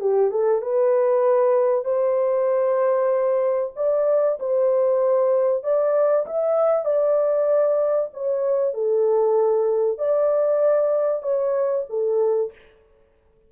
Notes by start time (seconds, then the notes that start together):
0.00 G4
0.31 A4
0.62 B4
1.84 C5
3.76 D5
4.39 C5
5.63 D5
6.26 E5
6.85 D5
8.13 C#5
8.74 A4
9.98 D5
11.22 C#5
11.89 A4